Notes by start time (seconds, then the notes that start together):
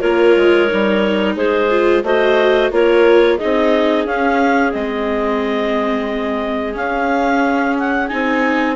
0.00 A#3 F4 A#4 C#5
0.37 G#3
0.68 G3 D#4
1.36 G#3 G#4 C5
1.70 F4
2.03 A3 F#4 C5 D#5
2.71 A#3 F4 A#4 C#5
3.34 D#4 G#4 D#5
3.44 C4
4.05 C#4 F5
4.72 G#3 C4 D#5
6.73 C#4 F5
7.78 F#5
8.08 C4 D#4 G#5